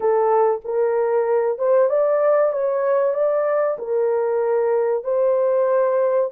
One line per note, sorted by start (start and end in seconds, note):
0.00 0.61 A4
0.64 1.58 A#4
1.58 1.89 C5
1.89 2.52 D5
2.52 3.13 C#5
3.13 3.77 D5
3.78 5.04 A#4
5.04 6.30 C5